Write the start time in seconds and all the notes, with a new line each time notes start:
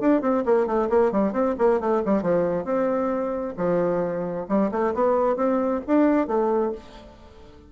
0.00 D4
0.21 C4
0.45 A#3
0.67 A3
0.89 A#3
1.12 G3
1.32 C4
1.58 A#3
1.80 A3
2.05 G3
2.22 F3
2.64 C4
3.57 F3
4.49 G3
4.71 A3
4.94 B3
5.36 C4
5.87 D4
6.27 A3